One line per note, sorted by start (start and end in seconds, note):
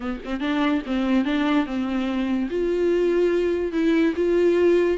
0.00 0.20 B3
0.24 0.40 C4
0.40 0.81 D4
0.86 1.24 C4
1.24 1.66 D4
1.66 2.48 C4
2.50 3.72 F4
3.72 4.13 E4
4.16 4.98 F4